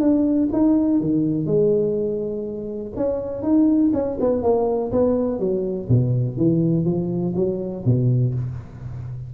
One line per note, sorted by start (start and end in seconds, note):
0.00 0.49 D4
0.53 1.00 D#4
1.00 1.46 D#3
1.46 2.92 G#3
2.96 3.42 C#4
3.42 3.91 D#4
3.93 4.18 C#4
4.20 4.43 B3
4.43 4.91 A#3
4.92 5.39 B3
5.39 5.88 F#3
5.88 6.37 B2
6.37 6.85 E3
6.85 7.34 F3
7.35 7.84 F#3
7.85 8.34 B2